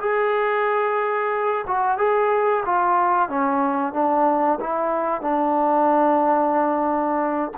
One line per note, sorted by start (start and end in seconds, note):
0.00 1.65 G#4
1.66 1.98 F#4
1.98 2.63 G#4
2.65 3.29 F4
3.29 3.93 C#4
3.93 4.59 D4
4.60 5.21 E4
5.21 7.52 D4